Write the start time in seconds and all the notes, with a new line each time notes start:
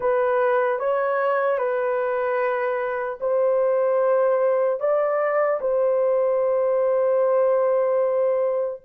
0.00 B4
0.79 C#5
1.58 B4
3.20 C5
4.80 D5
5.60 C5